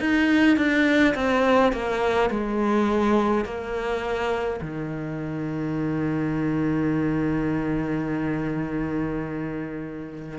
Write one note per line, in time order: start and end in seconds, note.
0.00 0.57 D#4
0.57 1.14 D4
1.15 1.72 C4
1.72 2.30 A#3
2.30 3.45 G#3
3.45 4.60 A#3
4.62 10.38 D#3